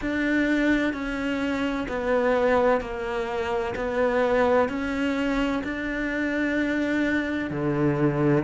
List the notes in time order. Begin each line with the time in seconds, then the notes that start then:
0.01 D4
0.93 C#4
1.88 B3
2.80 A#3
3.75 B3
4.68 C#4
5.63 D4
7.50 D3